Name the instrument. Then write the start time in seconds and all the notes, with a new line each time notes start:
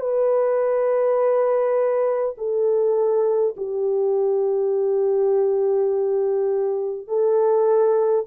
horn
0.00 B4
2.38 A4
3.57 G4
7.08 A4